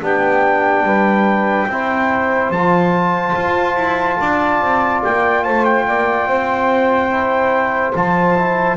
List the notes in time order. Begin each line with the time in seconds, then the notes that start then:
0.00 B3 D4 G4 G5
0.83 G3 B4
1.67 C4 E4 C5
2.50 F3 F4 A5
3.36 F4
3.76 E4
4.19 D4 D5
4.61 C4
5.04 A#3 G5
5.44 A3 C5 A5
5.65 G5
5.87 A#3 D5
6.26 C4 C5
7.10 E4
7.95 F3 F4 A5
8.36 E4